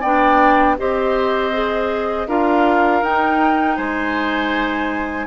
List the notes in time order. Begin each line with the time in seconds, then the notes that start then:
0.00 B3 D4 D5 G5
0.78 C4 G4 C5 D#5
1.52 G#4
2.27 D4 F4 A#4 F5
3.02 D#4 G5
3.76 G#3 C5 G#5